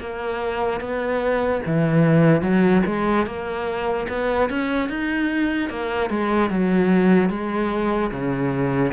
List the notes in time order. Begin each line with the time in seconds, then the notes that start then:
0.00 A#3
0.80 B3
1.66 E3
2.41 F#3
2.86 G#3
3.26 A#3
4.09 B3
4.50 C#4
4.89 D#4
5.69 A#3
6.10 G#3
6.50 F#3
7.30 G#3
8.11 C#3